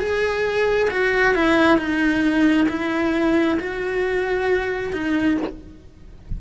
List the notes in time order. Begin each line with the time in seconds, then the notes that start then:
0.00 G#4
0.91 F#4
1.35 E4
1.78 D#4
2.69 E4
3.60 F#4
4.93 D#4